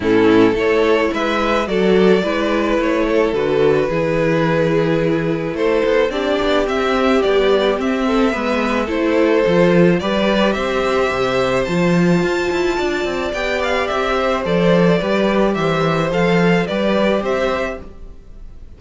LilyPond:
<<
  \new Staff \with { instrumentName = "violin" } { \time 4/4 \tempo 4 = 108 a'4 cis''4 e''4 d''4~ | d''4 cis''4 b'2~ | b'2 c''4 d''4 | e''4 d''4 e''2 |
c''2 d''4 e''4~ | e''4 a''2. | g''8 f''8 e''4 d''2 | e''4 f''4 d''4 e''4 | }
  \new Staff \with { instrumentName = "violin" } { \time 4/4 e'4 a'4 b'4 a'4 | b'4. a'4. gis'4~ | gis'2 a'4 g'4~ | g'2~ g'8 a'8 b'4 |
a'2 b'4 c''4~ | c''2. d''4~ | d''4. c''4. b'4 | c''2 b'4 c''4 | }
  \new Staff \with { instrumentName = "viola" } { \time 4/4 cis'4 e'2 fis'4 | e'2 fis'4 e'4~ | e'2. d'4 | c'4 g4 c'4 b4 |
e'4 f'4 g'2~ | g'4 f'2. | g'2 a'4 g'4~ | g'4 a'4 g'2 | }
  \new Staff \with { instrumentName = "cello" } { \time 4/4 a,4 a4 gis4 fis4 | gis4 a4 d4 e4~ | e2 a8 b8 c'8 b8 | c'4 b4 c'4 gis4 |
a4 f4 g4 c'4 | c4 f4 f'8 e'8 d'8 c'8 | b4 c'4 f4 g4 | e4 f4 g4 c'4 | }
>>